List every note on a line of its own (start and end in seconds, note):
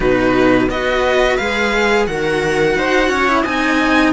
0.00 0.68 B2
0.00 0.68 D#4
0.00 0.69 F#4
0.00 0.69 B4
0.69 1.37 B3
0.69 1.39 F#4
0.69 2.08 B4
0.69 1.36 D#5
1.36 2.07 G#3
1.36 2.08 G#4
1.36 2.05 F5
2.06 2.76 D#3
2.06 3.28 F#4
2.06 2.77 A#4
2.06 3.44 F#5
2.76 3.08 D#4
2.76 3.08 C5
3.08 3.43 C#4
3.08 3.42 C#5
3.28 3.45 E4
3.42 4.13 C4
3.42 4.13 D#4
3.42 4.11 D#5
3.42 4.13 G#5